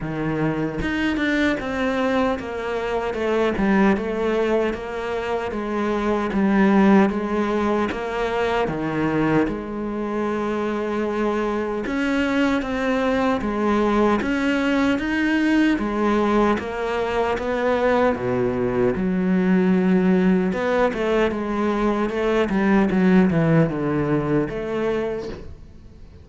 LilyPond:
\new Staff \with { instrumentName = "cello" } { \time 4/4 \tempo 4 = 76 dis4 dis'8 d'8 c'4 ais4 | a8 g8 a4 ais4 gis4 | g4 gis4 ais4 dis4 | gis2. cis'4 |
c'4 gis4 cis'4 dis'4 | gis4 ais4 b4 b,4 | fis2 b8 a8 gis4 | a8 g8 fis8 e8 d4 a4 | }